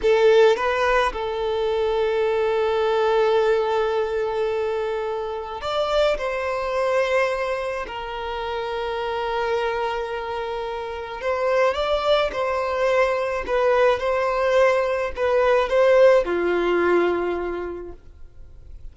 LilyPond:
\new Staff \with { instrumentName = "violin" } { \time 4/4 \tempo 4 = 107 a'4 b'4 a'2~ | a'1~ | a'2 d''4 c''4~ | c''2 ais'2~ |
ais'1 | c''4 d''4 c''2 | b'4 c''2 b'4 | c''4 f'2. | }